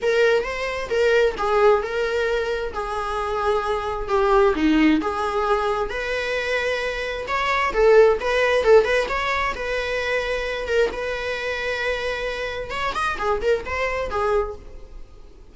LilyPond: \new Staff \with { instrumentName = "viola" } { \time 4/4 \tempo 4 = 132 ais'4 c''4 ais'4 gis'4 | ais'2 gis'2~ | gis'4 g'4 dis'4 gis'4~ | gis'4 b'2. |
cis''4 a'4 b'4 a'8 b'8 | cis''4 b'2~ b'8 ais'8 | b'1 | cis''8 dis''8 gis'8 ais'8 c''4 gis'4 | }